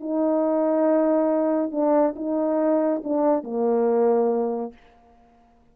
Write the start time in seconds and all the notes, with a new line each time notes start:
0.00 D#4
1.71 D4
2.16 D#4
3.04 D4
3.44 A#3